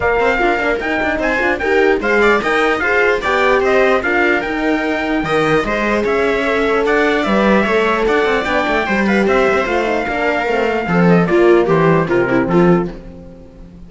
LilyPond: <<
  \new Staff \with { instrumentName = "trumpet" } { \time 4/4 \tempo 4 = 149 f''2 g''4 gis''4 | g''4 f''4 g''4 f''4 | g''4 dis''4 f''4 g''4~ | g''2 dis''4 e''4~ |
e''4 fis''4 e''2 | fis''4 g''4. f''8 e''4 | f''2.~ f''8 dis''8 | d''4 c''4 ais'4 a'4 | }
  \new Staff \with { instrumentName = "viola" } { \time 4/4 d''8 c''8 ais'2 c''4 | ais'4 c''8 d''8 dis''4 c''4 | d''4 c''4 ais'2~ | ais'4 dis''4 c''4 cis''4~ |
cis''4 d''2 cis''4 | d''2 c''8 b'8 c''4~ | c''4 ais'2 a'4 | f'4 g'4 f'8 e'8 f'4 | }
  \new Staff \with { instrumentName = "horn" } { \time 4/4 ais'4 f'8 d'8 dis'4. f'8 | g'4 gis'4 ais'4 gis'4 | g'2 f'4 dis'4~ | dis'4 ais'4 gis'2 |
a'2 b'4 a'4~ | a'4 d'4 g'2 | f'8 dis'8 d'4 c'8 ais8 c'4 | ais4. g8 c'2 | }
  \new Staff \with { instrumentName = "cello" } { \time 4/4 ais8 c'8 d'8 ais8 dis'8 d'8 c'8 d'8 | dis'4 gis4 dis'4 f'4 | b4 c'4 d'4 dis'4~ | dis'4 dis4 gis4 cis'4~ |
cis'4 d'4 g4 a4 | d'8 c'8 b8 a8 g4 c'8 ais16 c'16 | a4 ais4 a4 f4 | ais4 e4 c4 f4 | }
>>